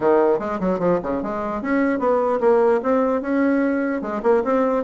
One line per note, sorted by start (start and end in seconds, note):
0.00 0.39 D#3
0.39 0.59 G#3
0.59 0.79 F#3
0.79 0.99 F3
1.02 1.22 C#3
1.22 1.62 G#3
1.62 1.99 C#4
1.99 2.39 B3
2.40 2.80 A#3
2.82 3.21 C4
3.21 4.01 C#4
4.01 4.21 G#3
4.23 4.43 A#3
4.44 4.84 C4